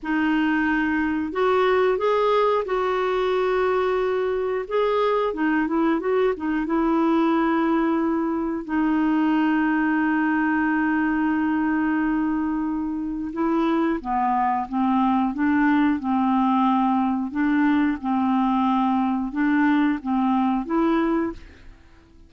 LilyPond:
\new Staff \with { instrumentName = "clarinet" } { \time 4/4 \tempo 4 = 90 dis'2 fis'4 gis'4 | fis'2. gis'4 | dis'8 e'8 fis'8 dis'8 e'2~ | e'4 dis'2.~ |
dis'1 | e'4 b4 c'4 d'4 | c'2 d'4 c'4~ | c'4 d'4 c'4 e'4 | }